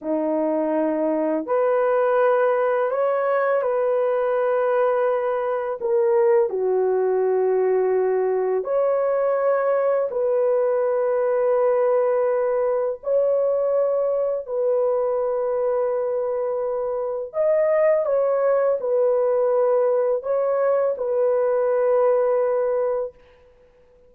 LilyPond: \new Staff \with { instrumentName = "horn" } { \time 4/4 \tempo 4 = 83 dis'2 b'2 | cis''4 b'2. | ais'4 fis'2. | cis''2 b'2~ |
b'2 cis''2 | b'1 | dis''4 cis''4 b'2 | cis''4 b'2. | }